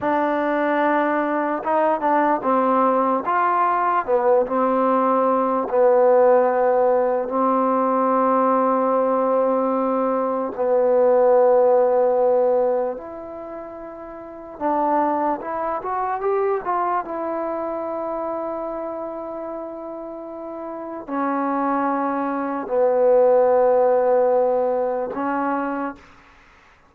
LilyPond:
\new Staff \with { instrumentName = "trombone" } { \time 4/4 \tempo 4 = 74 d'2 dis'8 d'8 c'4 | f'4 b8 c'4. b4~ | b4 c'2.~ | c'4 b2. |
e'2 d'4 e'8 fis'8 | g'8 f'8 e'2.~ | e'2 cis'2 | b2. cis'4 | }